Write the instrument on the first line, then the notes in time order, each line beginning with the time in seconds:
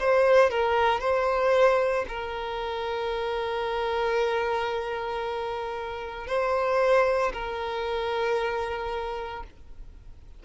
violin
0.00 C5
0.51 A#4
1.00 C5
2.09 A#4
6.27 C5
7.33 A#4